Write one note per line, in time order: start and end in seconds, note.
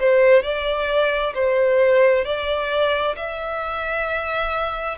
0.00 0.43 C5
0.43 1.34 D5
1.35 2.25 C5
2.25 3.16 D5
3.17 4.98 E5